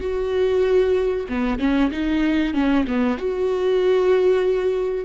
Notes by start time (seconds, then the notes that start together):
0.00 F#4
1.29 B3
1.59 C#4
1.91 D#4
2.53 C#4
2.87 B3
3.18 F#4